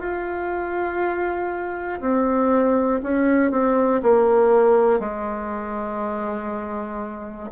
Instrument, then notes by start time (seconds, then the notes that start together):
bassoon
0.00 F4
2.00 C4
3.03 C#4
3.51 C4
4.02 A#3
5.00 G#3